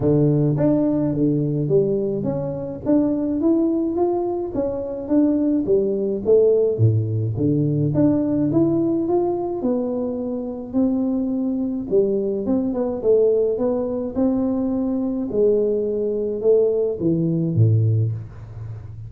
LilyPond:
\new Staff \with { instrumentName = "tuba" } { \time 4/4 \tempo 4 = 106 d4 d'4 d4 g4 | cis'4 d'4 e'4 f'4 | cis'4 d'4 g4 a4 | a,4 d4 d'4 e'4 |
f'4 b2 c'4~ | c'4 g4 c'8 b8 a4 | b4 c'2 gis4~ | gis4 a4 e4 a,4 | }